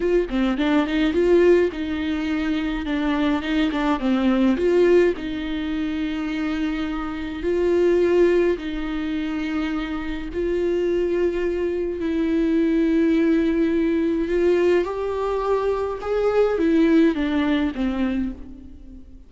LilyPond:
\new Staff \with { instrumentName = "viola" } { \time 4/4 \tempo 4 = 105 f'8 c'8 d'8 dis'8 f'4 dis'4~ | dis'4 d'4 dis'8 d'8 c'4 | f'4 dis'2.~ | dis'4 f'2 dis'4~ |
dis'2 f'2~ | f'4 e'2.~ | e'4 f'4 g'2 | gis'4 e'4 d'4 c'4 | }